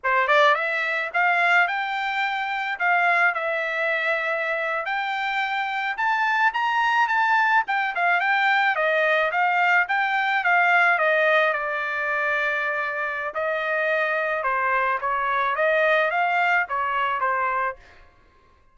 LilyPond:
\new Staff \with { instrumentName = "trumpet" } { \time 4/4 \tempo 4 = 108 c''8 d''8 e''4 f''4 g''4~ | g''4 f''4 e''2~ | e''8. g''2 a''4 ais''16~ | ais''8. a''4 g''8 f''8 g''4 dis''16~ |
dis''8. f''4 g''4 f''4 dis''16~ | dis''8. d''2.~ d''16 | dis''2 c''4 cis''4 | dis''4 f''4 cis''4 c''4 | }